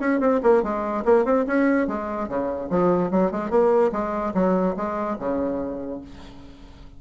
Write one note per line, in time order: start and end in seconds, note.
0.00 0.20 C#4
0.20 0.41 C4
0.43 0.63 A#3
0.63 1.04 G#3
1.05 1.25 A#3
1.25 1.46 C4
1.47 1.88 C#4
1.88 2.29 G#3
2.29 2.70 C#3
2.70 3.11 F3
3.11 3.32 F#3
3.32 3.51 G#3
3.51 3.92 A#3
3.92 4.34 G#3
4.34 4.76 F#3
4.77 5.18 G#3
5.19 6.01 C#3